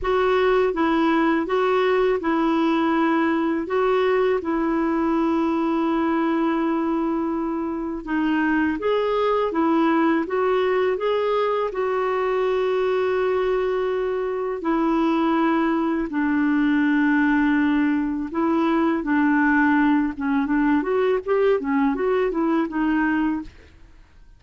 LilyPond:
\new Staff \with { instrumentName = "clarinet" } { \time 4/4 \tempo 4 = 82 fis'4 e'4 fis'4 e'4~ | e'4 fis'4 e'2~ | e'2. dis'4 | gis'4 e'4 fis'4 gis'4 |
fis'1 | e'2 d'2~ | d'4 e'4 d'4. cis'8 | d'8 fis'8 g'8 cis'8 fis'8 e'8 dis'4 | }